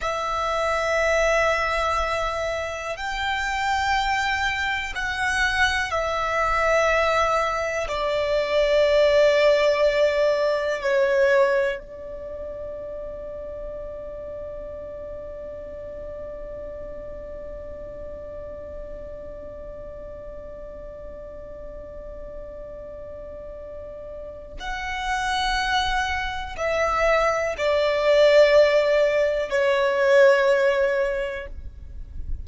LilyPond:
\new Staff \with { instrumentName = "violin" } { \time 4/4 \tempo 4 = 61 e''2. g''4~ | g''4 fis''4 e''2 | d''2. cis''4 | d''1~ |
d''1~ | d''1~ | d''4 fis''2 e''4 | d''2 cis''2 | }